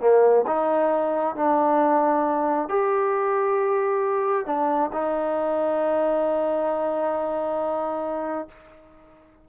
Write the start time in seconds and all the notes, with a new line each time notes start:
0.00 A#3
0.46 D#4
1.35 D4
2.68 G4
4.46 D4
4.93 D#4